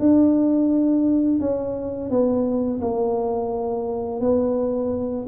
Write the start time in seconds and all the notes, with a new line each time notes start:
0.00 D4
1.40 C#4
2.10 B3
2.82 A#3
4.21 B3